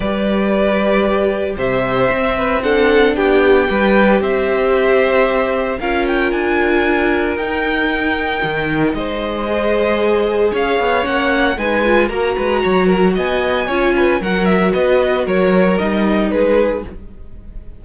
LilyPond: <<
  \new Staff \with { instrumentName = "violin" } { \time 4/4 \tempo 4 = 114 d''2. e''4~ | e''4 fis''4 g''2 | e''2. f''8 g''8 | gis''2 g''2~ |
g''4 dis''2. | f''4 fis''4 gis''4 ais''4~ | ais''4 gis''2 fis''8 e''8 | dis''4 cis''4 dis''4 b'4 | }
  \new Staff \with { instrumentName = "violin" } { \time 4/4 b'2. c''4~ | c''8 b'8 a'4 g'4 b'4 | c''2. ais'4~ | ais'1~ |
ais'4 c''2. | cis''2 b'4 ais'8 b'8 | cis''8 ais'8 dis''4 cis''8 b'8 ais'4 | b'4 ais'2 gis'4 | }
  \new Staff \with { instrumentName = "viola" } { \time 4/4 g'1 | c'4 d'2 g'4~ | g'2. f'4~ | f'2 dis'2~ |
dis'2 gis'2~ | gis'4 cis'4 dis'8 f'8 fis'4~ | fis'2 f'4 fis'4~ | fis'2 dis'2 | }
  \new Staff \with { instrumentName = "cello" } { \time 4/4 g2. c4 | c'2 b4 g4 | c'2. cis'4 | d'2 dis'2 |
dis4 gis2. | cis'8 b8 ais4 gis4 ais8 gis8 | fis4 b4 cis'4 fis4 | b4 fis4 g4 gis4 | }
>>